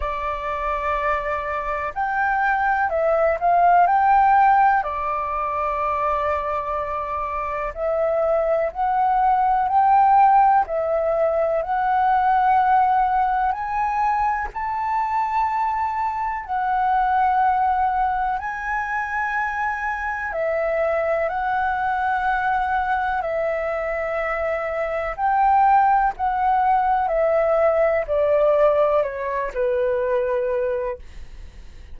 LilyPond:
\new Staff \with { instrumentName = "flute" } { \time 4/4 \tempo 4 = 62 d''2 g''4 e''8 f''8 | g''4 d''2. | e''4 fis''4 g''4 e''4 | fis''2 gis''4 a''4~ |
a''4 fis''2 gis''4~ | gis''4 e''4 fis''2 | e''2 g''4 fis''4 | e''4 d''4 cis''8 b'4. | }